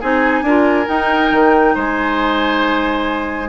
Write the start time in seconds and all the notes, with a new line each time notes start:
0.00 C4 D#4 G#4 G#5
0.42 D4 F4 A#4
0.86 D#4 G5
1.31 D#3
1.74 G#3 C5 G#5